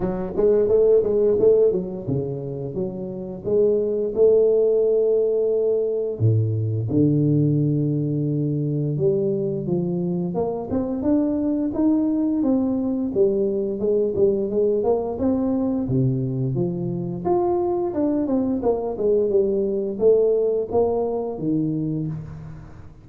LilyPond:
\new Staff \with { instrumentName = "tuba" } { \time 4/4 \tempo 4 = 87 fis8 gis8 a8 gis8 a8 fis8 cis4 | fis4 gis4 a2~ | a4 a,4 d2~ | d4 g4 f4 ais8 c'8 |
d'4 dis'4 c'4 g4 | gis8 g8 gis8 ais8 c'4 c4 | f4 f'4 d'8 c'8 ais8 gis8 | g4 a4 ais4 dis4 | }